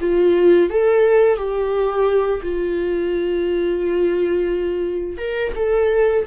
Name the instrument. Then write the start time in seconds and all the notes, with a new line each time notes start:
viola
0.00 F4
0.69 A4
1.36 G4
2.42 F4
5.17 A#4
5.56 A4